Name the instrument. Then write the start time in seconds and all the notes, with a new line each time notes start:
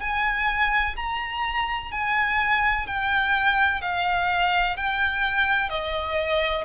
violin
0.00 G#5
0.96 A#5
1.91 G#5
2.87 G5
3.81 F5
4.77 G5
5.69 D#5